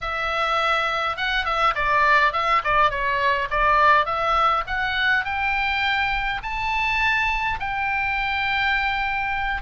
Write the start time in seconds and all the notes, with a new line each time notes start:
0.01 E5
1.17 F#5
1.45 E5
1.75 D5
2.32 E5
2.64 D5
2.90 C#5
3.50 D5
4.05 E5
4.66 F#5
5.24 G5
6.42 A5
7.59 G5